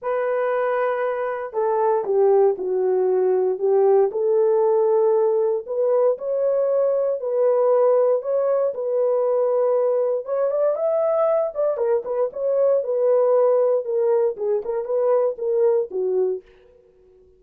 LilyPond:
\new Staff \with { instrumentName = "horn" } { \time 4/4 \tempo 4 = 117 b'2. a'4 | g'4 fis'2 g'4 | a'2. b'4 | cis''2 b'2 |
cis''4 b'2. | cis''8 d''8 e''4. d''8 ais'8 b'8 | cis''4 b'2 ais'4 | gis'8 ais'8 b'4 ais'4 fis'4 | }